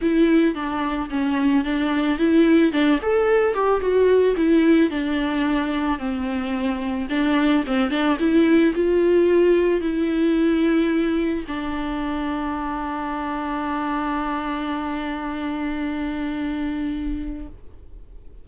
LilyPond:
\new Staff \with { instrumentName = "viola" } { \time 4/4 \tempo 4 = 110 e'4 d'4 cis'4 d'4 | e'4 d'8 a'4 g'8 fis'4 | e'4 d'2 c'4~ | c'4 d'4 c'8 d'8 e'4 |
f'2 e'2~ | e'4 d'2.~ | d'1~ | d'1 | }